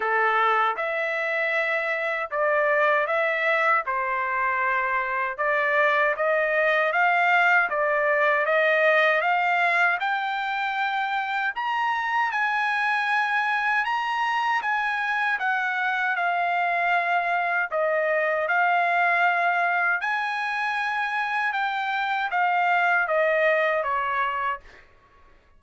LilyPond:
\new Staff \with { instrumentName = "trumpet" } { \time 4/4 \tempo 4 = 78 a'4 e''2 d''4 | e''4 c''2 d''4 | dis''4 f''4 d''4 dis''4 | f''4 g''2 ais''4 |
gis''2 ais''4 gis''4 | fis''4 f''2 dis''4 | f''2 gis''2 | g''4 f''4 dis''4 cis''4 | }